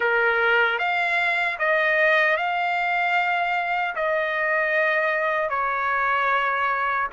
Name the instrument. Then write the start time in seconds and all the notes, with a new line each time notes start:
trumpet
0.00 A#4
0.79 F5
1.59 D#5
2.36 F5
3.95 D#5
5.49 C#5